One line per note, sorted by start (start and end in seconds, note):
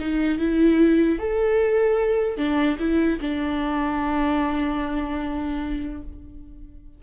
0.00 0.39 D#4
0.39 1.19 E4
1.19 2.38 A4
2.38 2.78 D4
2.80 3.20 E4
3.21 6.03 D4